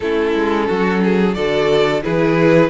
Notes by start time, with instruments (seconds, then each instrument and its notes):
0.00 cello A3, viola C#4, violin E4 A4
0.34 cello G#3
0.67 cello F#3, violin F#4
1.03 violin G#4
1.34 cello D3, viola F#4, violin A4 D5
2.03 cello E3, viola E4, violin G#4 B4